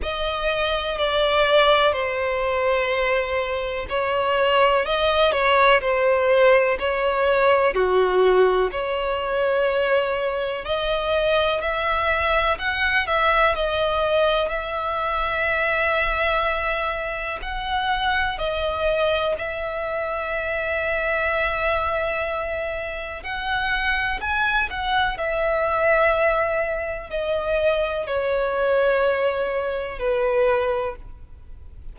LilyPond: \new Staff \with { instrumentName = "violin" } { \time 4/4 \tempo 4 = 62 dis''4 d''4 c''2 | cis''4 dis''8 cis''8 c''4 cis''4 | fis'4 cis''2 dis''4 | e''4 fis''8 e''8 dis''4 e''4~ |
e''2 fis''4 dis''4 | e''1 | fis''4 gis''8 fis''8 e''2 | dis''4 cis''2 b'4 | }